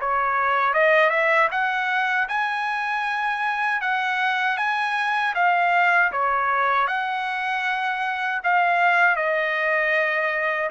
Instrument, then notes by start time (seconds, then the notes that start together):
trumpet
0.00 C#5
0.73 D#5
1.09 E5
1.51 F#5
2.28 G#5
3.81 F#5
4.57 G#5
5.34 F5
6.12 C#5
6.87 F#5
8.43 F5
9.16 D#5